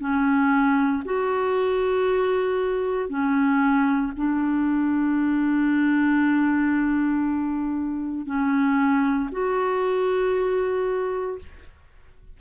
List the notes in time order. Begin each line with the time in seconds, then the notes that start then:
0.00 C#4
1.05 F#4
3.09 C#4
4.17 D4
8.26 C#4
9.32 F#4